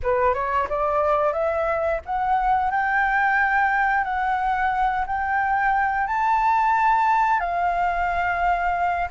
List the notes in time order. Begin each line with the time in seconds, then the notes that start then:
0.02 B4
0.34 C#5
0.69 D5
1.32 E5
2.05 F#5
2.70 G5
4.04 F#5
5.06 G5
6.07 A5
7.39 F5